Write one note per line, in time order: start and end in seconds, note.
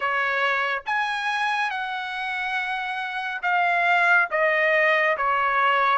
0.00 0.82 C#5
0.86 1.70 G#5
1.70 3.41 F#5
3.42 4.28 F5
4.31 5.16 D#5
5.17 5.98 C#5